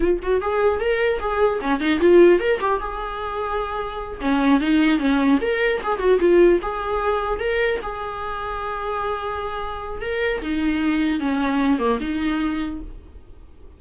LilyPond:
\new Staff \with { instrumentName = "viola" } { \time 4/4 \tempo 4 = 150 f'8 fis'8 gis'4 ais'4 gis'4 | cis'8 dis'8 f'4 ais'8 g'8 gis'4~ | gis'2~ gis'8 cis'4 dis'8~ | dis'8 cis'4 ais'4 gis'8 fis'8 f'8~ |
f'8 gis'2 ais'4 gis'8~ | gis'1~ | gis'4 ais'4 dis'2 | cis'4. ais8 dis'2 | }